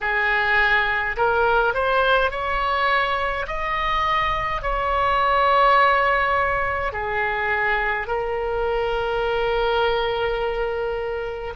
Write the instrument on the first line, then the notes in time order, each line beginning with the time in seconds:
oboe
0.01 G#4
1.16 A#4
1.74 C5
2.31 C#5
3.47 D#5
4.62 C#5
6.92 G#4
8.07 A#4